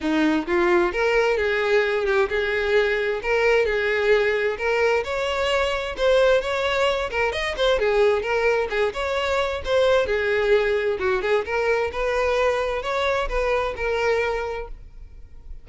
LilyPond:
\new Staff \with { instrumentName = "violin" } { \time 4/4 \tempo 4 = 131 dis'4 f'4 ais'4 gis'4~ | gis'8 g'8 gis'2 ais'4 | gis'2 ais'4 cis''4~ | cis''4 c''4 cis''4. ais'8 |
dis''8 c''8 gis'4 ais'4 gis'8 cis''8~ | cis''4 c''4 gis'2 | fis'8 gis'8 ais'4 b'2 | cis''4 b'4 ais'2 | }